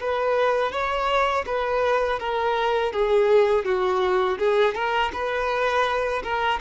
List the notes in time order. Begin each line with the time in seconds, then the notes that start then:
0.00 B4
0.72 C#5
1.46 B4
2.20 A#4
2.93 G#4
3.65 F#4
4.39 G#4
4.75 A#4
5.13 B4
6.24 A#4